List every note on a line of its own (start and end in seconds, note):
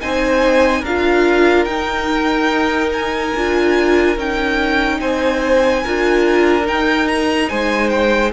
0.00 0.82 C4
0.00 0.83 D#4
0.00 0.81 C5
0.00 0.84 G#5
0.81 1.65 D4
0.81 4.98 A#4
0.81 1.64 F5
0.87 1.68 F4
1.64 3.32 D#4
1.64 3.35 D#4
1.64 2.89 G5
2.92 4.17 G#5
3.35 4.17 D4
3.35 4.17 F4
4.17 5.00 C#4
4.17 5.84 D#4
4.17 5.00 G5
5.00 5.83 C4
5.00 5.83 C5
5.00 6.66 G#5
5.83 6.67 D4
5.83 6.63 F4
5.83 7.49 A#4
6.63 8.30 D#4
6.63 7.50 D#4
6.63 7.08 G5
7.08 7.49 A#5
7.49 8.33 G#3
7.49 8.33 C5
7.49 7.89 G#5
7.89 8.31 G5